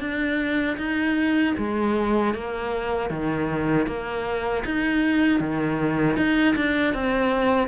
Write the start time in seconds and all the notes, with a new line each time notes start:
0.00 D4
0.77 D#4
1.57 G#3
2.34 A#3
3.10 D#3
3.87 A#3
4.65 D#4
5.40 D#3
6.16 D#4
6.56 D4
6.94 C4